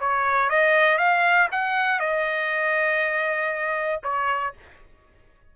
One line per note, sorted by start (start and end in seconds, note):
0.00 0.50 C#5
0.50 0.98 D#5
0.98 1.49 F5
1.52 2.00 F#5
2.00 4.01 D#5
4.03 4.53 C#5